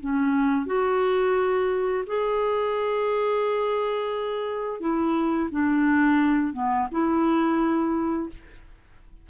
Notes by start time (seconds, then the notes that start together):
0.00 C#4
0.66 F#4
2.06 G#4
4.80 E4
5.51 D4
6.53 B3
6.91 E4